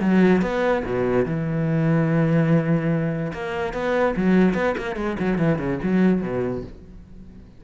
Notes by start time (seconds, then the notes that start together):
0.00 F#3
0.42 B3
0.85 B2
1.25 E3
3.33 A#3
3.73 B3
4.16 F#3
4.54 B3
4.77 A#3
4.95 G#3
5.19 F#3
5.38 E3
5.58 C#3
5.83 F#3
6.21 B2